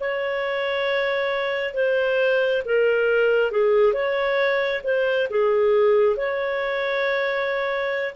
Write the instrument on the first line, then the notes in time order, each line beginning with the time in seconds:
clarinet
0.00 C#5
1.74 C5
2.65 A#4
3.51 G#4
3.93 C#5
4.84 C5
5.30 G#4
6.16 C#5